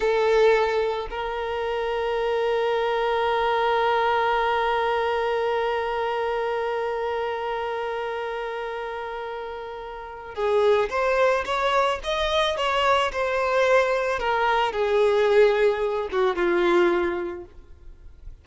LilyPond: \new Staff \with { instrumentName = "violin" } { \time 4/4 \tempo 4 = 110 a'2 ais'2~ | ais'1~ | ais'1~ | ais'1~ |
ais'2. gis'4 | c''4 cis''4 dis''4 cis''4 | c''2 ais'4 gis'4~ | gis'4. fis'8 f'2 | }